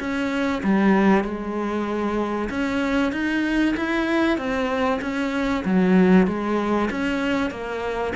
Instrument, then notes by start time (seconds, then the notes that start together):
cello
0.00 C#4
0.64 G3
1.24 G#3
2.50 C#4
3.12 D#4
3.77 E4
4.38 C4
5.02 C#4
5.65 F#3
6.27 G#3
6.91 C#4
7.51 A#3